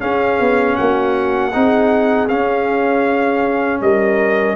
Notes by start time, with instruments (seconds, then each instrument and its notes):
0.00 trombone C#4, tuba C#4, horn G#4, trumpet F5
0.40 tuba B3
0.76 tuba A#3, horn F#4, trumpet F#5
1.53 tuba C4, trombone D#4, horn G#4
2.29 trombone C#4, tuba C#4, trumpet F5
3.81 tuba G3, horn A#4, trumpet D#5